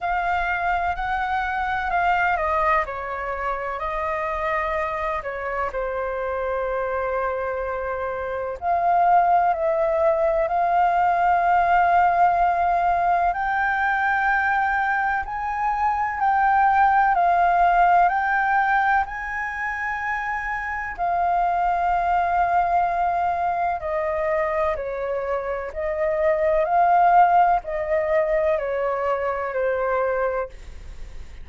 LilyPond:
\new Staff \with { instrumentName = "flute" } { \time 4/4 \tempo 4 = 63 f''4 fis''4 f''8 dis''8 cis''4 | dis''4. cis''8 c''2~ | c''4 f''4 e''4 f''4~ | f''2 g''2 |
gis''4 g''4 f''4 g''4 | gis''2 f''2~ | f''4 dis''4 cis''4 dis''4 | f''4 dis''4 cis''4 c''4 | }